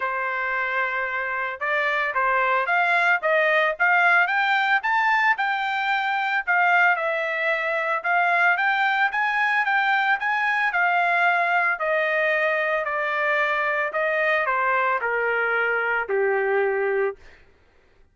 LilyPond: \new Staff \with { instrumentName = "trumpet" } { \time 4/4 \tempo 4 = 112 c''2. d''4 | c''4 f''4 dis''4 f''4 | g''4 a''4 g''2 | f''4 e''2 f''4 |
g''4 gis''4 g''4 gis''4 | f''2 dis''2 | d''2 dis''4 c''4 | ais'2 g'2 | }